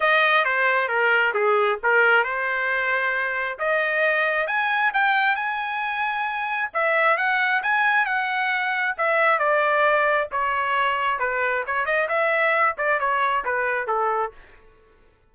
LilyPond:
\new Staff \with { instrumentName = "trumpet" } { \time 4/4 \tempo 4 = 134 dis''4 c''4 ais'4 gis'4 | ais'4 c''2. | dis''2 gis''4 g''4 | gis''2. e''4 |
fis''4 gis''4 fis''2 | e''4 d''2 cis''4~ | cis''4 b'4 cis''8 dis''8 e''4~ | e''8 d''8 cis''4 b'4 a'4 | }